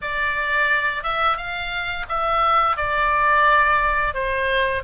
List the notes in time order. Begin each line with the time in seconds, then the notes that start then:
0.01 D5
1.03 E5
1.37 F5
2.08 E5
2.76 D5
4.13 C5